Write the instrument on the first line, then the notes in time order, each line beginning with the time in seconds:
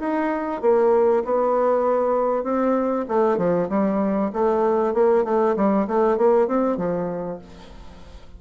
bassoon
0.00 D#4
0.62 A#3
1.25 B3
2.44 C4
3.09 A3
3.38 F3
3.69 G3
4.33 A3
4.94 A#3
5.25 A3
5.56 G3
5.88 A3
6.18 A#3
6.48 C4
6.77 F3